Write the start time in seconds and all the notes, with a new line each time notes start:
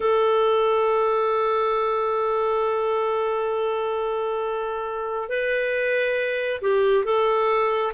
0.00 A4
5.28 B4
6.61 G4
7.04 A4